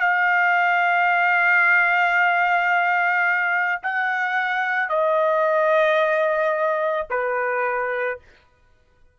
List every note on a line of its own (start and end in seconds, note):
0.00 3.82 F5
3.83 4.89 F#5
4.89 7.07 D#5
7.10 8.19 B4